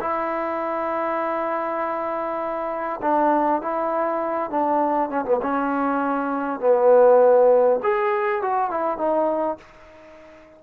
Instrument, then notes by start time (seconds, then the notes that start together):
trombone
0.00 E4
3.01 D4
3.61 E4
4.50 D4
5.09 C#4
5.25 B3
5.42 C#4
6.59 B3
7.82 G#4
8.42 F#4
8.70 E4
8.97 D#4